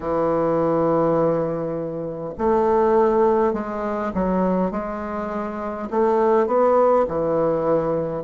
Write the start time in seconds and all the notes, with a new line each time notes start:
0.00 E3
2.37 A3
3.53 G#3
4.14 F#3
4.71 G#3
5.90 A3
6.47 B3
7.07 E3